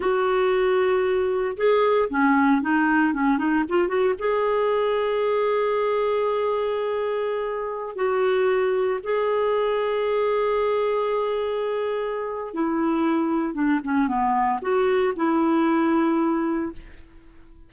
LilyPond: \new Staff \with { instrumentName = "clarinet" } { \time 4/4 \tempo 4 = 115 fis'2. gis'4 | cis'4 dis'4 cis'8 dis'8 f'8 fis'8 | gis'1~ | gis'2.~ gis'16 fis'8.~ |
fis'4~ fis'16 gis'2~ gis'8.~ | gis'1 | e'2 d'8 cis'8 b4 | fis'4 e'2. | }